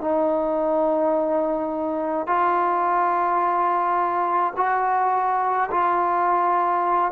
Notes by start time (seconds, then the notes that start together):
0.00 D#4
2.26 F4
4.56 F#4
5.71 F4